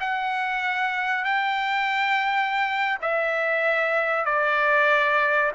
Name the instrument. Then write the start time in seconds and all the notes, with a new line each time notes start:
trumpet
0.00 F#5
1.24 G5
3.01 E5
4.25 D5